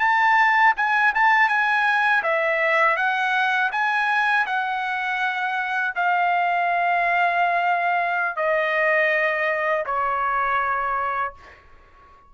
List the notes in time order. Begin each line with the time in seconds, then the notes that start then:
0.00 A5
0.77 G#5
1.15 A5
1.49 G#5
2.23 E5
2.97 F#5
3.72 G#5
4.46 F#5
5.96 F5
8.37 D#5
9.86 C#5